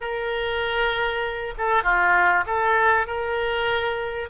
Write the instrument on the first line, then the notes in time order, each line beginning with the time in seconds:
oboe
0.01 A#4
1.58 A4
1.83 F4
2.46 A4
3.06 A#4